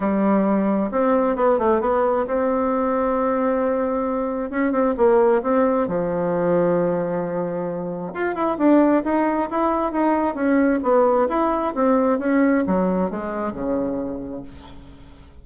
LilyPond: \new Staff \with { instrumentName = "bassoon" } { \time 4/4 \tempo 4 = 133 g2 c'4 b8 a8 | b4 c'2.~ | c'2 cis'8 c'8 ais4 | c'4 f2.~ |
f2 f'8 e'8 d'4 | dis'4 e'4 dis'4 cis'4 | b4 e'4 c'4 cis'4 | fis4 gis4 cis2 | }